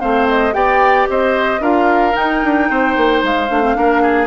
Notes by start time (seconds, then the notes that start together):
0.00 A3 C4 C5 F5
0.28 D#5
0.52 B3 G4 D5 G5
1.09 C4 C5 D#5
1.60 D4 F4 A#4 F5
2.12 D#4 G5
2.44 D4
2.69 C4 C5
2.96 A#3
3.22 G#3 F5
3.49 A3 D4
3.61 C4
3.74 A#3 D4 A#4
4.02 G#4